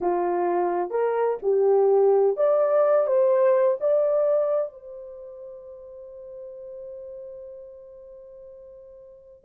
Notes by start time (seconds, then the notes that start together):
0.01 F4
0.90 A#4
1.42 G4
2.36 D5
3.06 C5
3.80 D5
4.72 C5